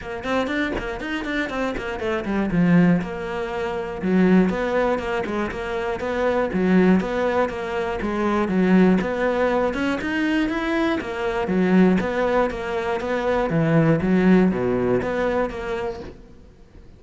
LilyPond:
\new Staff \with { instrumentName = "cello" } { \time 4/4 \tempo 4 = 120 ais8 c'8 d'8 ais8 dis'8 d'8 c'8 ais8 | a8 g8 f4 ais2 | fis4 b4 ais8 gis8 ais4 | b4 fis4 b4 ais4 |
gis4 fis4 b4. cis'8 | dis'4 e'4 ais4 fis4 | b4 ais4 b4 e4 | fis4 b,4 b4 ais4 | }